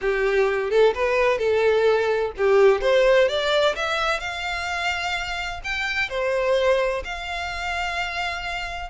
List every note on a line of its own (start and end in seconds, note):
0.01 0.70 G4
0.70 0.93 A4
0.94 1.38 B4
1.38 2.32 A4
2.37 2.81 G4
2.81 3.28 C5
3.28 3.75 D5
3.75 4.20 E5
4.20 5.60 F5
5.64 6.09 G5
6.09 7.03 C5
7.04 8.90 F5